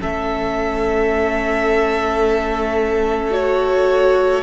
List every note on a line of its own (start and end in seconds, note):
0.00 4.43 A3
0.00 3.31 C#4
0.00 4.43 A4
0.00 3.33 E5
3.31 4.42 F#4
3.31 4.43 C#5